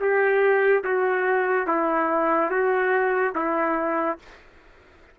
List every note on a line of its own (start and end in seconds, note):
0.00 0.83 G4
0.83 1.67 F#4
1.67 2.50 E4
2.50 3.33 F#4
3.35 4.18 E4